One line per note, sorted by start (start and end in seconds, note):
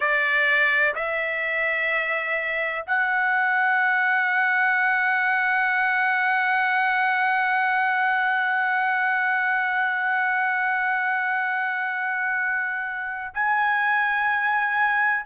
0.00 0.94 D5
0.94 2.85 E5
2.86 13.33 F#5
13.34 15.25 G#5